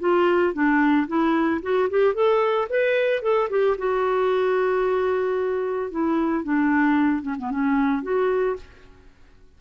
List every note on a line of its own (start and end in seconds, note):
0.00 0.54 F4
0.54 1.07 D4
1.08 1.61 E4
1.63 1.89 F#4
1.90 2.15 G4
2.15 2.68 A4
2.70 3.23 B4
3.23 3.49 A4
3.50 3.77 G4
3.78 5.91 F#4
5.91 6.44 E4
6.44 7.22 D4
7.22 7.36 C#4
7.39 7.51 B3
7.51 8.03 C#4
8.03 8.57 F#4